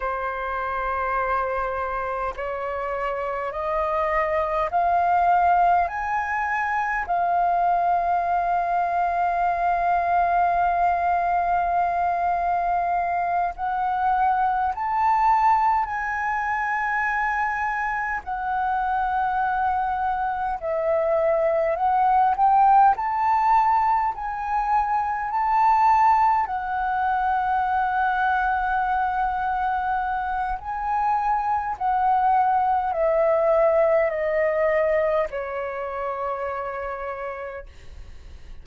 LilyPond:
\new Staff \with { instrumentName = "flute" } { \time 4/4 \tempo 4 = 51 c''2 cis''4 dis''4 | f''4 gis''4 f''2~ | f''2.~ f''8 fis''8~ | fis''8 a''4 gis''2 fis''8~ |
fis''4. e''4 fis''8 g''8 a''8~ | a''8 gis''4 a''4 fis''4.~ | fis''2 gis''4 fis''4 | e''4 dis''4 cis''2 | }